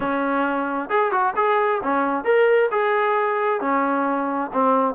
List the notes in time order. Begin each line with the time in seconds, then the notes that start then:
0.00 C#4
0.89 G#4
1.11 F#4
1.36 G#4
1.83 C#4
2.24 A#4
2.71 G#4
3.60 C#4
4.53 C4